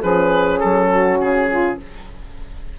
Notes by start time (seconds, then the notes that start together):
0.00 F3 C#4 G#4 B4
0.59 F#3 A4
0.90 F#4
1.20 C#3 G#4
1.49 F4